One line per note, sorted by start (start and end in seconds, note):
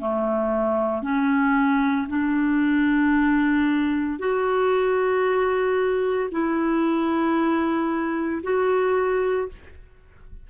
0.00 1.03 A3
1.03 2.08 C#4
2.09 4.19 D4
4.19 6.30 F#4
6.32 8.43 E4
8.44 9.49 F#4